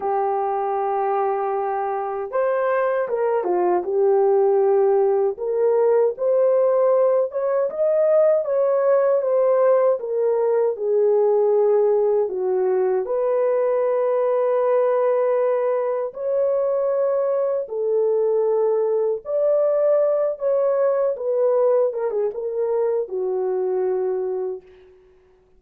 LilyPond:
\new Staff \with { instrumentName = "horn" } { \time 4/4 \tempo 4 = 78 g'2. c''4 | ais'8 f'8 g'2 ais'4 | c''4. cis''8 dis''4 cis''4 | c''4 ais'4 gis'2 |
fis'4 b'2.~ | b'4 cis''2 a'4~ | a'4 d''4. cis''4 b'8~ | b'8 ais'16 gis'16 ais'4 fis'2 | }